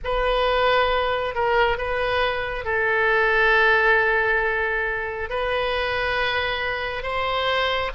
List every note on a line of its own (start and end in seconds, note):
0.04 1.34 B4
1.34 1.77 A#4
1.77 2.65 B4
2.65 5.29 A4
5.29 7.02 B4
7.02 7.91 C5